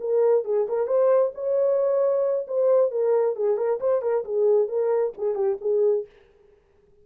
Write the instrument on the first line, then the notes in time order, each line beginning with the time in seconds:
horn
0.00 A#4
0.45 G#4
0.69 A#4
0.87 C5
1.35 C#5
2.47 C5
2.91 A#4
3.36 G#4
3.57 A#4
3.80 C5
4.02 A#4
4.25 G#4
4.68 A#4
5.17 G#4
5.35 G4
5.61 G#4